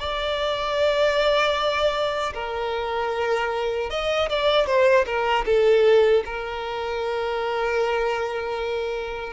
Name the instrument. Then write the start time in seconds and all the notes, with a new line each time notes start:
violin
0.00 D5
2.34 A#4
3.90 D#5
4.30 D5
4.67 C5
5.06 A#4
5.46 A4
6.26 A#4